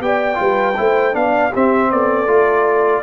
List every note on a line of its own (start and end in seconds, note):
0.00 0.38 B3
0.00 0.35 G4
0.00 0.40 D5
0.00 1.15 G5
0.35 0.78 G3
0.35 0.73 F4
0.35 0.78 B4
0.77 1.14 A3
0.77 1.12 E4
0.77 1.16 C5
1.12 1.52 B3
1.12 1.50 D4
1.12 1.53 F5
1.18 1.51 D5
1.51 1.91 C4
1.51 2.27 C4
1.51 1.89 G4
1.51 1.91 E5
1.91 2.27 B3
1.91 3.03 A4
1.91 3.03 D5
2.27 3.03 A3
2.27 3.03 F4